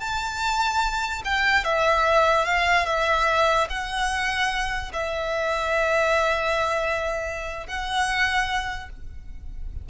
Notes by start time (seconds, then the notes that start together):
0.00 A5
1.25 G5
1.65 E5
2.45 F5
2.86 E5
3.70 F#5
4.93 E5
7.67 F#5